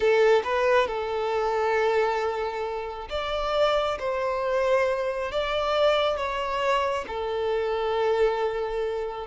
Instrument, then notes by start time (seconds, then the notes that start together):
violin
0.00 A4
0.44 B4
0.87 A4
3.09 D5
3.99 C5
5.31 D5
6.16 C#5
7.07 A4